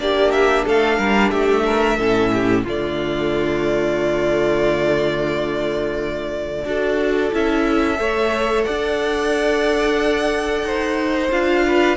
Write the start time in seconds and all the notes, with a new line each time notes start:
0.00 A#3 D4 G4 D5
0.32 E5
0.66 A3 A4 F5
0.98 G3 A#4
1.30 A3 G4 E5
1.66 A#4
1.98 A2 C#4 A4
2.33 G4
2.64 D3 A3 F4 D5
6.65 D4 F#4 A4
7.33 C#4 E4 E5
7.97 A3 A4 C#5
8.64 D4 D5 F#5
10.64 D#4 C5
11.31 D4 F4 F5
11.67 B4